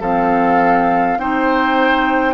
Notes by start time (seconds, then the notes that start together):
0.00 F3 C4 A4 F5
1.18 C4 D#4 C5 G5